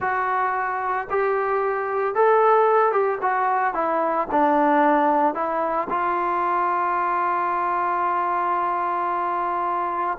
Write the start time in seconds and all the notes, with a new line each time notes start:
0.00 F#4
1.10 G4
2.14 A4
2.91 G4
3.21 F#4
3.74 E4
4.31 D4
5.34 E4
5.89 F4